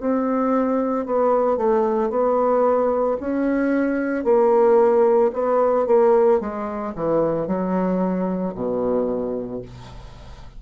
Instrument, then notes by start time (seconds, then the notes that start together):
bassoon
0.00 C4
1.06 B3
1.57 A3
2.10 B3
3.20 C#4
4.24 A#3
5.33 B3
5.87 A#3
6.40 G#3
6.95 E3
7.47 F#3
8.55 B2